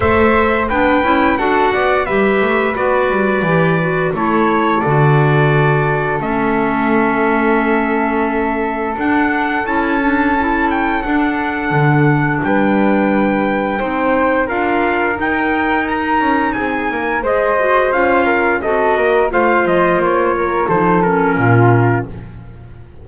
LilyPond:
<<
  \new Staff \with { instrumentName = "trumpet" } { \time 4/4 \tempo 4 = 87 e''4 g''4 fis''4 e''4 | d''2 cis''4 d''4~ | d''4 e''2.~ | e''4 fis''4 a''4. g''8 |
fis''2 g''2~ | g''4 f''4 g''4 ais''4 | gis''4 dis''4 f''4 dis''4 | f''8 dis''8 cis''4 c''8 ais'4. | }
  \new Staff \with { instrumentName = "flute" } { \time 4/4 c''4 b'4 a'8 d''8 b'4~ | b'2 a'2~ | a'1~ | a'1~ |
a'2 b'2 | c''4 ais'2. | gis'8 ais'8 c''4. ais'8 a'8 ais'8 | c''4. ais'8 a'4 f'4 | }
  \new Staff \with { instrumentName = "clarinet" } { \time 4/4 a'4 d'8 e'8 fis'4 g'4 | fis'4 g'8 fis'8 e'4 fis'4~ | fis'4 cis'2.~ | cis'4 d'4 e'8 d'8 e'4 |
d'1 | dis'4 f'4 dis'2~ | dis'4 gis'8 fis'8 f'4 fis'4 | f'2 dis'8 cis'4. | }
  \new Staff \with { instrumentName = "double bass" } { \time 4/4 a4 b8 cis'8 d'8 b8 g8 a8 | b8 g8 e4 a4 d4~ | d4 a2.~ | a4 d'4 cis'2 |
d'4 d4 g2 | c'4 d'4 dis'4. cis'8 | c'8 ais8 gis4 cis'4 c'8 ais8 | a8 f8 ais4 f4 ais,4 | }
>>